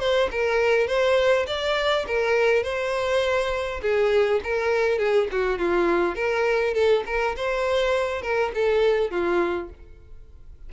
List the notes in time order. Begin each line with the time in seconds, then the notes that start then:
0.00 C5
0.32 A#4
0.88 C5
1.47 D5
2.07 A#4
2.63 C5
3.82 G#4
4.44 A#4
4.99 G#4
5.32 F#4
5.59 F4
6.16 A#4
6.74 A4
7.06 A#4
7.37 C5
8.22 A#4
8.55 A4
9.11 F4